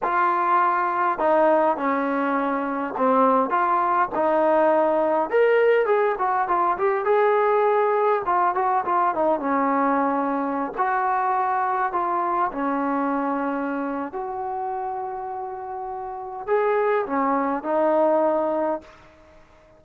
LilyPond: \new Staff \with { instrumentName = "trombone" } { \time 4/4 \tempo 4 = 102 f'2 dis'4 cis'4~ | cis'4 c'4 f'4 dis'4~ | dis'4 ais'4 gis'8 fis'8 f'8 g'8 | gis'2 f'8 fis'8 f'8 dis'8 |
cis'2~ cis'16 fis'4.~ fis'16~ | fis'16 f'4 cis'2~ cis'8. | fis'1 | gis'4 cis'4 dis'2 | }